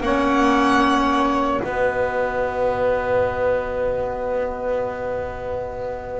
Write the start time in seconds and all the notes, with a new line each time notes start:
0.00 A#3 C#4 C#5 F#5
1.62 B3 F#4 B4 D#5